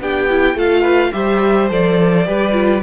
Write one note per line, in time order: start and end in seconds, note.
0.00 0.55 B3
0.00 0.29 D4
0.00 0.57 G4
0.00 0.59 G5
0.30 0.57 E4
0.55 1.12 A3
0.55 1.13 F4
0.55 0.82 A4
0.55 1.13 F5
0.82 1.10 B4
1.13 1.71 G3
1.13 1.69 G4
1.13 2.27 C5
1.13 1.69 E5
1.70 2.27 F3
1.70 2.25 A4
1.70 2.83 D5
2.25 2.83 G3
2.25 2.53 G4
2.25 2.83 B4
2.53 2.81 F4